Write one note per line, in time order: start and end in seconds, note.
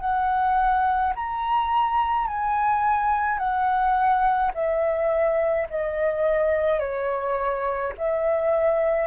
0.00 1.13 F#5
1.15 2.27 A#5
2.27 3.38 G#5
3.38 4.51 F#5
4.54 5.68 E5
5.70 6.79 D#5
6.79 7.92 C#5
7.98 9.07 E5